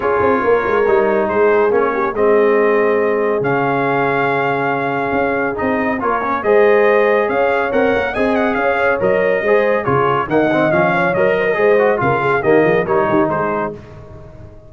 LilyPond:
<<
  \new Staff \with { instrumentName = "trumpet" } { \time 4/4 \tempo 4 = 140 cis''2. c''4 | cis''4 dis''2. | f''1~ | f''4 dis''4 cis''4 dis''4~ |
dis''4 f''4 fis''4 gis''8 fis''8 | f''4 dis''2 cis''4 | fis''4 f''4 dis''2 | f''4 dis''4 cis''4 c''4 | }
  \new Staff \with { instrumentName = "horn" } { \time 4/4 gis'4 ais'2 gis'4~ | gis'8 g'8 gis'2.~ | gis'1~ | gis'2 ais'4 c''4~ |
c''4 cis''2 dis''4 | cis''2 c''4 gis'4 | dis''4. cis''4 c''16 ais'16 c''4 | ais'8 gis'8 g'8 gis'8 ais'8 g'8 gis'4 | }
  \new Staff \with { instrumentName = "trombone" } { \time 4/4 f'2 dis'2 | cis'4 c'2. | cis'1~ | cis'4 dis'4 f'8 cis'8 gis'4~ |
gis'2 ais'4 gis'4~ | gis'4 ais'4 gis'4 f'4 | ais8 c'8 cis'4 ais'4 gis'8 fis'8 | f'4 ais4 dis'2 | }
  \new Staff \with { instrumentName = "tuba" } { \time 4/4 cis'8 c'8 ais8 gis8 g4 gis4 | ais4 gis2. | cis1 | cis'4 c'4 ais4 gis4~ |
gis4 cis'4 c'8 ais8 c'4 | cis'4 fis4 gis4 cis4 | dis4 f4 fis4 gis4 | cis4 dis8 f8 g8 dis8 gis4 | }
>>